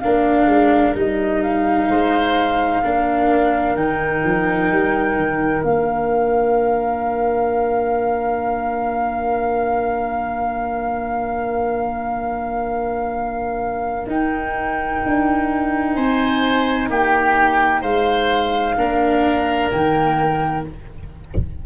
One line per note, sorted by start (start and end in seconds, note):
0.00 0.46 A#3
0.00 0.95 D4
0.00 1.90 A#4
0.00 0.94 F5
0.46 0.93 G#3
0.95 1.88 G3
0.95 2.82 D#4
0.95 1.43 D#5
1.43 3.76 F5
1.88 2.82 G#3
1.88 2.83 C5
2.83 3.76 A#3
2.83 3.77 D4
2.83 15.96 A#4
3.76 4.22 D#3
3.76 5.64 D#4
3.76 5.64 G5
4.25 4.72 F3
4.72 5.17 G3
5.17 5.63 D#3
5.64 14.06 A#3
5.64 14.07 D4
5.64 14.08 F5
14.06 15.00 D#4
14.06 18.78 D#4
14.06 15.95 G5
15.06 15.96 D4
15.95 16.90 C4
15.95 16.89 C5
15.95 16.88 G#5
16.90 17.83 A#3
16.90 17.81 G4
16.90 17.83 G5
17.81 18.77 G#3
17.81 18.75 C5
17.81 19.71 F5
18.77 19.71 A#3
18.77 19.71 D4
18.77 20.66 A#4
19.71 20.66 D#3
19.71 20.65 A#3
19.71 20.66 G5